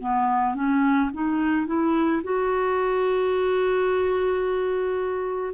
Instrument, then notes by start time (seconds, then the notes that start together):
clarinet
0.00 B3
0.55 C#4
1.13 D#4
1.67 E4
2.23 F#4